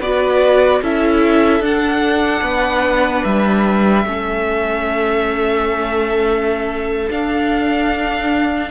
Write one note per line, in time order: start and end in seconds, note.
0.00 0.81 B3
0.00 0.83 F#4
0.00 0.81 B4
0.00 0.83 D5
0.82 1.60 C#4
0.82 1.62 E4
0.82 2.43 A4
0.82 1.65 E5
1.60 2.42 D4
1.60 4.06 D4
1.60 3.24 F#5
2.42 3.23 B3
2.42 4.05 B4
3.24 4.05 G3
3.24 7.10 E5
4.05 7.09 A3
4.05 7.10 C#4
4.05 8.71 A4
7.10 8.71 D4
7.10 8.71 F5